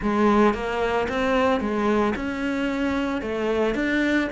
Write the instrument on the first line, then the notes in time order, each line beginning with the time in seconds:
cello
0.02 G#3
0.54 A#3
1.08 C4
1.60 G#3
2.15 C#4
3.21 A3
3.75 D4